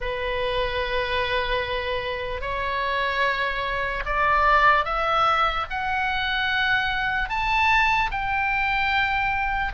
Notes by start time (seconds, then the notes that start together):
0.00 B4
2.41 C#5
4.05 D5
4.84 E5
5.70 F#5
7.29 A5
8.11 G5